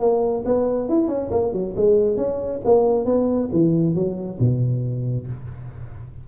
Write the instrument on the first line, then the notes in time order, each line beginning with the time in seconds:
tuba
0.00 A#3
0.45 B3
0.89 E4
1.08 C#4
1.31 A#3
1.53 F#3
1.77 G#3
2.17 C#4
2.65 A#3
3.05 B3
3.52 E3
3.95 F#3
4.39 B2